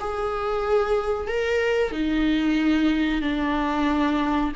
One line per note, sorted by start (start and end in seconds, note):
0.00 1.28 G#4
1.28 1.92 A#4
1.92 3.22 D#4
3.22 4.52 D4